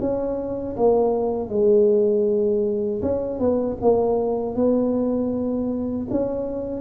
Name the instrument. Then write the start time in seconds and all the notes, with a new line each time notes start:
tuba
0.00 C#4
0.76 A#3
1.49 G#3
3.02 C#4
3.39 B3
3.81 A#3
4.55 B3
6.10 C#4